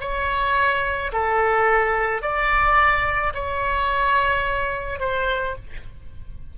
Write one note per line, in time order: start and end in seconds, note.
0.00 1.11 C#5
1.12 2.22 A4
2.22 3.33 D5
3.33 4.99 C#5
4.99 5.55 C5